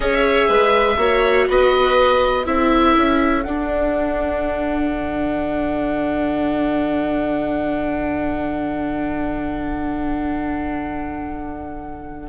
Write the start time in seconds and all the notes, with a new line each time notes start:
0.00 C#4 G#4 C#5 E5
0.47 G#3 B4
0.97 A#3 F#4 C#5
1.49 B3 B4 D#5
2.45 C4 E4 A4 E5
2.96 C#4
3.43 D4 F#5
4.92 D3